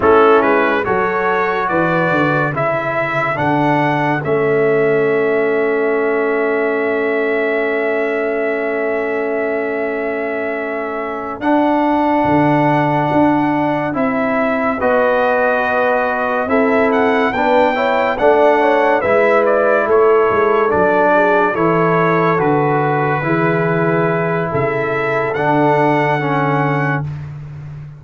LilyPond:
<<
  \new Staff \with { instrumentName = "trumpet" } { \time 4/4 \tempo 4 = 71 a'8 b'8 cis''4 d''4 e''4 | fis''4 e''2.~ | e''1~ | e''4. fis''2~ fis''8~ |
fis''8 e''4 dis''2 e''8 | fis''8 g''4 fis''4 e''8 d''8 cis''8~ | cis''8 d''4 cis''4 b'4.~ | b'4 e''4 fis''2 | }
  \new Staff \with { instrumentName = "horn" } { \time 4/4 e'4 a'4 b'4 a'4~ | a'1~ | a'1~ | a'1~ |
a'4. b'2 a'8~ | a'8 b'8 cis''8 d''8 cis''8 b'4 a'8~ | a'4 gis'8 a'2 gis'8~ | gis'4 a'2. | }
  \new Staff \with { instrumentName = "trombone" } { \time 4/4 cis'4 fis'2 e'4 | d'4 cis'2.~ | cis'1~ | cis'4. d'2~ d'8~ |
d'8 e'4 fis'2 e'8~ | e'8 d'8 e'8 d'4 e'4.~ | e'8 d'4 e'4 fis'4 e'8~ | e'2 d'4 cis'4 | }
  \new Staff \with { instrumentName = "tuba" } { \time 4/4 a8 gis8 fis4 e8 d8 cis4 | d4 a2.~ | a1~ | a4. d'4 d4 d'8~ |
d'8 c'4 b2 c'8~ | c'8 b4 a4 gis4 a8 | gis8 fis4 e4 d4 e8~ | e4 cis4 d2 | }
>>